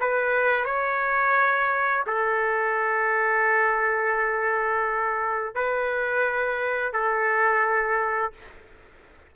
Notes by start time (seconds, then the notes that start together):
0.00 B4
0.65 C#5
2.06 A4
5.55 B4
6.93 A4